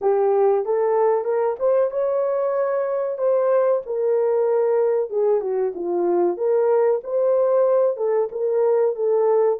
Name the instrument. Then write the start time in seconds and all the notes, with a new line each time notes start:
horn
0.01 G4
0.65 A4
1.24 A#4
1.59 C5
1.90 C#5
3.17 C5
3.86 A#4
5.09 G#4
5.41 F#4
5.74 F4
6.37 A#4
7.03 C5
7.96 A4
8.31 A#4
8.95 A4